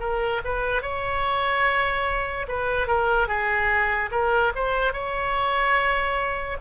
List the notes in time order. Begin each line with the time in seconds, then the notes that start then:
0.00 A#4
0.45 B4
0.82 C#5
2.48 B4
2.87 A#4
3.28 G#4
4.12 A#4
4.55 C5
4.93 C#5